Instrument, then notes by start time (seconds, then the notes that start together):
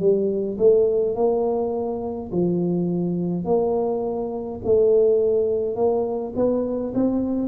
tuba
0.00 G3
0.58 A3
1.16 A#3
2.32 F3
3.45 A#3
4.65 A3
5.76 A#3
6.36 B3
6.95 C4